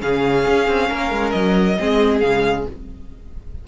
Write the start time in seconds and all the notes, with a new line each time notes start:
0.00 C#3 C#4 G#4 F5
0.48 C#4
0.68 C4
0.90 A#3 A#4
1.11 G#3
1.31 F#3 D#5
1.79 G#3 C4 G#4
2.21 C#3 G#3 F5